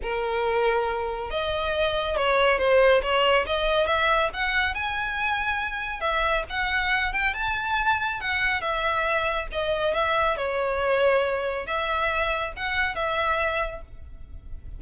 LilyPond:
\new Staff \with { instrumentName = "violin" } { \time 4/4 \tempo 4 = 139 ais'2. dis''4~ | dis''4 cis''4 c''4 cis''4 | dis''4 e''4 fis''4 gis''4~ | gis''2 e''4 fis''4~ |
fis''8 g''8 a''2 fis''4 | e''2 dis''4 e''4 | cis''2. e''4~ | e''4 fis''4 e''2 | }